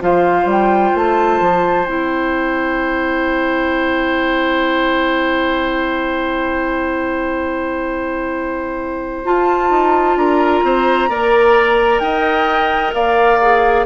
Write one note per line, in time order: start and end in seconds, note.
0.00 0.45 F3
0.00 1.85 F4
0.00 10.19 C5
0.00 0.49 F5
0.45 0.91 G3
0.45 0.96 G5
0.95 1.40 A3
0.95 1.86 A5
1.40 1.86 F3
1.86 9.25 C4
1.86 9.25 E4
1.86 9.24 G5
9.25 11.09 F4
9.25 9.70 F4
9.25 10.18 A5
9.70 10.16 D#4
10.16 10.62 D4
10.16 10.65 A#4
10.16 12.00 A#5
10.63 11.09 C4
10.63 11.10 C5
11.09 12.00 A#3
11.09 13.39 A#4
11.09 12.02 D5
12.00 12.92 D#4
12.00 12.95 D#5
12.00 12.92 G5
12.94 13.86 A#3
12.94 13.86 D5
12.94 13.86 F5
13.42 13.86 G#4